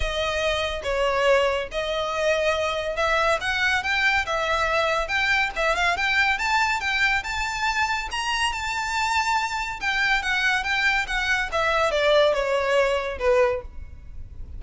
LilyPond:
\new Staff \with { instrumentName = "violin" } { \time 4/4 \tempo 4 = 141 dis''2 cis''2 | dis''2. e''4 | fis''4 g''4 e''2 | g''4 e''8 f''8 g''4 a''4 |
g''4 a''2 ais''4 | a''2. g''4 | fis''4 g''4 fis''4 e''4 | d''4 cis''2 b'4 | }